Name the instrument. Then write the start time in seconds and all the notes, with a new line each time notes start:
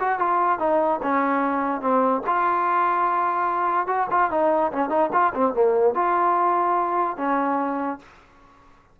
trombone
0.00 F#4
0.19 F4
0.59 D#4
1.03 C#4
1.81 C4
2.27 F4
3.87 F#4
4.11 F4
4.31 D#4
4.72 C#4
4.90 D#4
5.13 F4
5.34 C4
5.54 A#3
5.95 F4
7.17 C#4